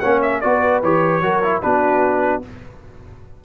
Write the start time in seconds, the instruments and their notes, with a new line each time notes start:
0.00 tuba A#3, trombone C#4, horn C#5, trumpet F#5
0.22 trumpet E5
0.41 tuba B3, trombone F#4, horn B4, trumpet D5
0.82 tuba E3, trombone G4, trumpet C#5
1.22 tuba F#3, trombone F#4, horn A#4
1.43 trombone E4
1.62 tuba B3, trombone D4, horn F#4, trumpet B4